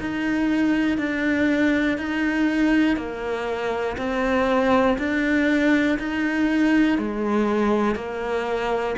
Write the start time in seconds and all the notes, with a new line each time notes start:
0.00 D#4
0.97 D4
1.98 D#4
2.96 A#3
3.97 C4
4.98 D4
5.99 D#4
6.98 G#3
7.95 A#3